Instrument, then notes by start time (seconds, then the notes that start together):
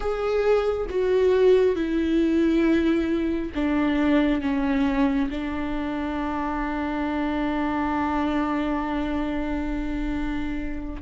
viola
0.00 G#4
0.89 F#4
1.75 E4
3.55 D4
4.41 C#4
5.30 D4